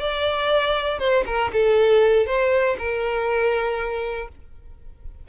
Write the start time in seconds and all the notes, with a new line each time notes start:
0.00 D5
0.99 C5
1.27 A#4
1.53 A4
2.27 C5
2.79 A#4